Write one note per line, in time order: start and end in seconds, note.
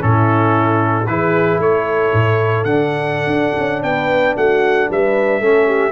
0.00 1.07 A2
0.00 1.05 C#4
0.00 1.09 E4
0.00 1.07 A4
1.07 1.59 E3
1.07 2.66 E4
1.07 1.63 G#4
1.07 1.59 B4
1.59 2.11 A3
1.59 3.85 A4
1.59 2.64 C#5
2.13 2.65 A2
2.64 3.27 D3
2.64 5.42 D4
2.64 3.83 F#5
3.27 3.53 D4
3.59 3.83 C#4
3.83 4.36 B3
3.83 4.37 B4
3.83 4.36 G5
4.37 4.89 A3
4.37 4.89 F#4
4.37 4.90 F#5
4.90 5.40 G3
4.90 5.42 B4
4.90 5.92 E5
5.40 5.92 A3
5.40 5.92 C#4
5.40 5.67 A4
5.67 5.92 G4